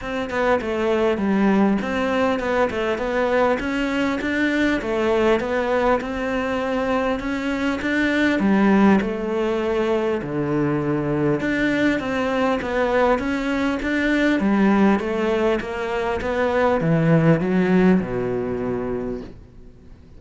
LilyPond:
\new Staff \with { instrumentName = "cello" } { \time 4/4 \tempo 4 = 100 c'8 b8 a4 g4 c'4 | b8 a8 b4 cis'4 d'4 | a4 b4 c'2 | cis'4 d'4 g4 a4~ |
a4 d2 d'4 | c'4 b4 cis'4 d'4 | g4 a4 ais4 b4 | e4 fis4 b,2 | }